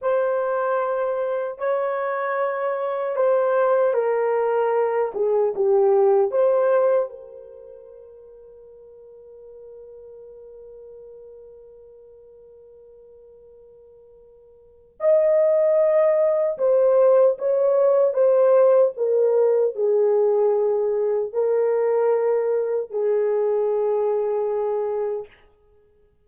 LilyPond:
\new Staff \with { instrumentName = "horn" } { \time 4/4 \tempo 4 = 76 c''2 cis''2 | c''4 ais'4. gis'8 g'4 | c''4 ais'2.~ | ais'1~ |
ais'2. dis''4~ | dis''4 c''4 cis''4 c''4 | ais'4 gis'2 ais'4~ | ais'4 gis'2. | }